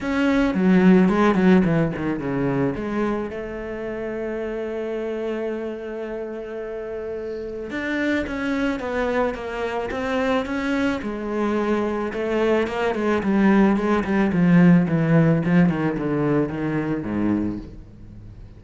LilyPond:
\new Staff \with { instrumentName = "cello" } { \time 4/4 \tempo 4 = 109 cis'4 fis4 gis8 fis8 e8 dis8 | cis4 gis4 a2~ | a1~ | a2 d'4 cis'4 |
b4 ais4 c'4 cis'4 | gis2 a4 ais8 gis8 | g4 gis8 g8 f4 e4 | f8 dis8 d4 dis4 gis,4 | }